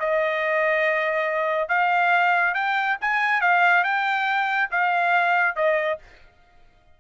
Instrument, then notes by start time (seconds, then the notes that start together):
trumpet
0.00 D#5
1.69 F5
2.54 G5
3.01 G#5
3.41 F5
3.84 G5
4.71 F5
5.56 D#5